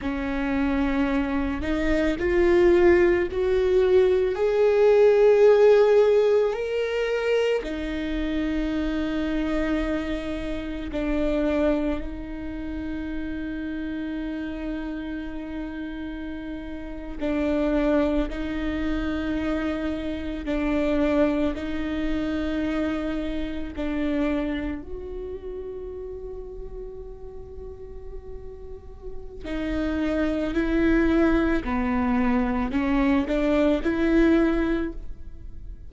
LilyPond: \new Staff \with { instrumentName = "viola" } { \time 4/4 \tempo 4 = 55 cis'4. dis'8 f'4 fis'4 | gis'2 ais'4 dis'4~ | dis'2 d'4 dis'4~ | dis'2.~ dis'8. d'16~ |
d'8. dis'2 d'4 dis'16~ | dis'4.~ dis'16 d'4 fis'4~ fis'16~ | fis'2. dis'4 | e'4 b4 cis'8 d'8 e'4 | }